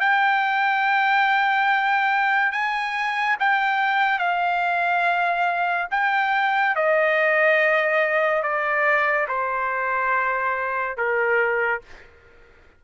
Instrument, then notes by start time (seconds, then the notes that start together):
trumpet
0.00 G5
2.52 G#5
3.40 G5
4.19 F5
5.91 G5
6.76 D#5
8.43 D5
9.28 C5
10.97 A#4